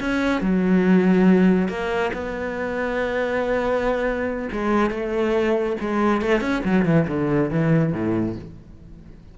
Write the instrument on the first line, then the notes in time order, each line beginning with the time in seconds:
cello
0.00 C#4
0.41 F#3
1.69 A#3
2.13 B3
4.52 G#3
4.91 A3
5.81 G#3
6.22 A3
6.41 C#4
6.64 F#3
6.85 E3
7.08 D3
7.50 E3
7.93 A2